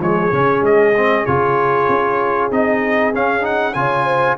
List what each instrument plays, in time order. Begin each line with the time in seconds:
0.00 tuba F3, trombone G#3, horn G#4, trumpet C#5
0.32 tuba C#3, trombone C#4
0.61 tuba G#3, trumpet D#5
0.96 trombone C4
1.25 tuba C#3, trombone F4, trumpet C#5
1.88 tuba C#4
2.50 tuba C4, trombone D#4, trumpet D#5
3.13 tuba C#4, trombone C#4, trumpet F5
3.40 trombone D#4, trumpet F#5
3.73 tuba C#3, trombone F4, horn C#5, trumpet G#5
4.04 horn C5